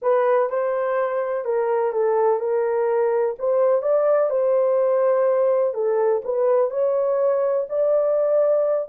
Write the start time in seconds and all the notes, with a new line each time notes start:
0.02 B4
0.49 C5
1.44 A#4
1.92 A4
2.39 A#4
3.38 C5
3.81 D5
4.30 C5
5.74 A4
6.24 B4
6.70 C#5
7.69 D5